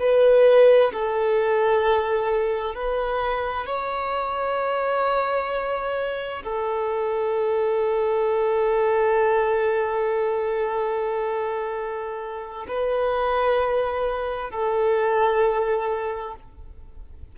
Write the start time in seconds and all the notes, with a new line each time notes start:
0.00 B4
0.93 A4
2.75 B4
3.66 C#5
6.44 A4
12.68 B4
14.50 A4